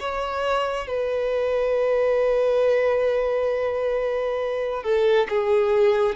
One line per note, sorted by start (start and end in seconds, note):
0.00 0.87 C#5
0.87 4.84 B4
4.84 5.28 A4
5.29 6.16 G#4